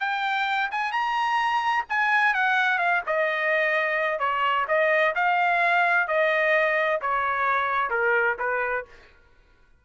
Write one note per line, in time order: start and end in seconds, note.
0.00 0.70 G5
0.71 0.92 G#5
0.92 1.85 A#5
1.89 2.34 G#5
2.34 2.78 F#5
2.78 3.01 F5
3.06 4.19 D#5
4.19 4.66 C#5
4.68 5.14 D#5
5.15 6.07 F5
6.07 7.00 D#5
7.01 7.90 C#5
7.90 8.36 A#4
8.39 8.85 B4